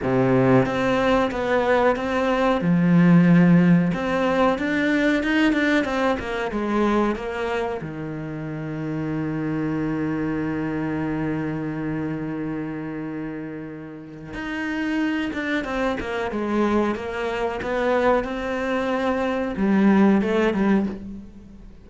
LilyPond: \new Staff \with { instrumentName = "cello" } { \time 4/4 \tempo 4 = 92 c4 c'4 b4 c'4 | f2 c'4 d'4 | dis'8 d'8 c'8 ais8 gis4 ais4 | dis1~ |
dis1~ | dis2 dis'4. d'8 | c'8 ais8 gis4 ais4 b4 | c'2 g4 a8 g8 | }